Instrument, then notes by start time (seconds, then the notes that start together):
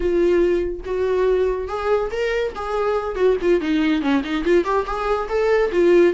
viola
0.00 F4
0.85 F#4
1.67 G#4
2.11 A#4
2.55 G#4
3.15 F#4
3.41 F4
3.60 D#4
4.01 C#4
4.23 D#4
4.44 F4
4.64 G4
4.86 G#4
5.28 A4
5.72 F4